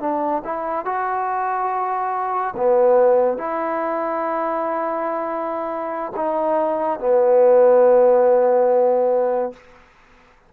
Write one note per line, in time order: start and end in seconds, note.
0.00 0.42 D4
0.45 0.85 E4
0.85 2.54 F#4
2.56 3.38 B3
3.38 6.12 E4
6.16 6.99 D#4
6.99 9.53 B3